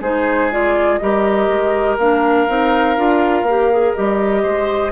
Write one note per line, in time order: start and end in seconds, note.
0.00 0.98 G#3
0.00 0.51 D#4
0.00 0.99 G#4
0.00 0.51 C5
0.51 1.00 F4
0.51 0.97 D5
0.97 1.48 G3
0.97 1.98 G4
0.97 4.42 A#4
0.97 1.96 D#5
1.48 1.97 G#3
1.97 2.47 A#3
1.97 2.48 D4
1.97 3.94 F5
2.48 2.97 C4
2.48 2.97 D#4
2.97 3.42 D4
2.97 3.46 F4
3.42 3.91 A#3
3.42 3.72 G4
3.72 3.96 G#4
3.94 4.44 G3
3.94 4.92 G4
3.94 4.92 D#5
4.42 4.92 G#3
4.42 4.91 C5